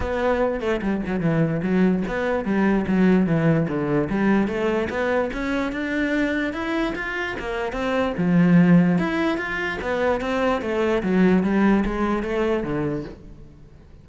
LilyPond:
\new Staff \with { instrumentName = "cello" } { \time 4/4 \tempo 4 = 147 b4. a8 g8 fis8 e4 | fis4 b4 g4 fis4 | e4 d4 g4 a4 | b4 cis'4 d'2 |
e'4 f'4 ais4 c'4 | f2 e'4 f'4 | b4 c'4 a4 fis4 | g4 gis4 a4 d4 | }